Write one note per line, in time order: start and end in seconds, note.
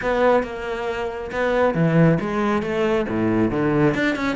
0.02 0.43 B3
0.43 1.31 A#3
1.31 1.74 B3
1.74 2.18 E3
2.20 2.62 G#3
2.62 3.06 A3
3.09 3.50 A2
3.50 3.94 D3
3.94 4.15 D4
4.15 4.36 C#4